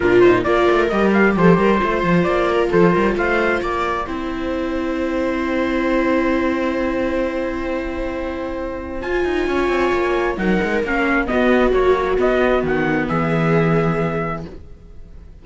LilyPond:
<<
  \new Staff \with { instrumentName = "trumpet" } { \time 4/4 \tempo 4 = 133 ais'8 c''8 d''4 dis''8 f''8 c''4~ | c''4 d''4 c''4 f''4 | g''1~ | g''1~ |
g''1 | gis''2. fis''4 | f''4 dis''4 cis''4 dis''4 | fis''4 e''2. | }
  \new Staff \with { instrumentName = "viola" } { \time 4/4 f'4 ais'2 a'8 ais'8 | c''4. ais'8 a'8 ais'8 c''4 | d''4 c''2.~ | c''1~ |
c''1~ | c''4 cis''2 ais'4~ | ais'4 fis'2.~ | fis'4 gis'2. | }
  \new Staff \with { instrumentName = "viola" } { \time 4/4 d'8 dis'8 f'4 g'2 | f'1~ | f'4 e'2.~ | e'1~ |
e'1 | f'2. dis'4 | cis'4 b4 fis4 b4~ | b1 | }
  \new Staff \with { instrumentName = "cello" } { \time 4/4 ais,4 ais8 a8 g4 f8 g8 | a8 f8 ais4 f8 g8 a4 | ais4 c'2.~ | c'1~ |
c'1 | f'8 dis'8 cis'8 c'8 ais4 fis8 gis8 | ais4 b4 ais4 b4 | dis4 e2. | }
>>